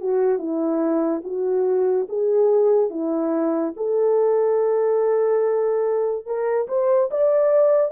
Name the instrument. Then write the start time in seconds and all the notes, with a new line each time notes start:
horn
0.00 F#4
0.38 E4
1.24 F#4
2.09 G#4
2.90 E4
3.76 A4
6.26 A#4
6.68 C5
7.11 D5